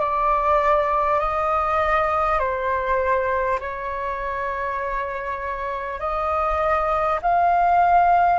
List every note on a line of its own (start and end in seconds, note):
0.00 1.19 D5
1.19 2.39 D#5
2.39 3.59 C5
3.60 5.99 C#5
5.99 7.19 D#5
7.22 8.39 F5